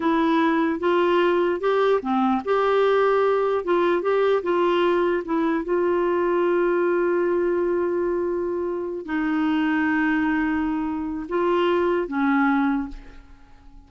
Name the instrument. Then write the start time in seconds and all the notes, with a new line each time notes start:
clarinet
0.00 E4
0.79 F4
1.60 G4
2.01 C4
2.45 G4
3.64 F4
4.02 G4
4.42 F4
5.24 E4
5.64 F4
9.05 D#4
11.28 F4
12.07 C#4